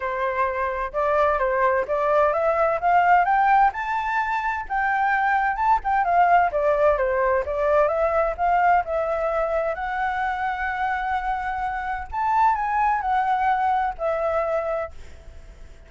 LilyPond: \new Staff \with { instrumentName = "flute" } { \time 4/4 \tempo 4 = 129 c''2 d''4 c''4 | d''4 e''4 f''4 g''4 | a''2 g''2 | a''8 g''8 f''4 d''4 c''4 |
d''4 e''4 f''4 e''4~ | e''4 fis''2.~ | fis''2 a''4 gis''4 | fis''2 e''2 | }